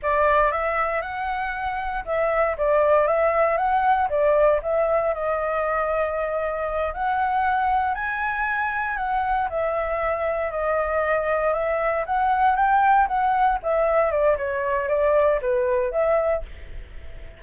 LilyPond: \new Staff \with { instrumentName = "flute" } { \time 4/4 \tempo 4 = 117 d''4 e''4 fis''2 | e''4 d''4 e''4 fis''4 | d''4 e''4 dis''2~ | dis''4. fis''2 gis''8~ |
gis''4. fis''4 e''4.~ | e''8 dis''2 e''4 fis''8~ | fis''8 g''4 fis''4 e''4 d''8 | cis''4 d''4 b'4 e''4 | }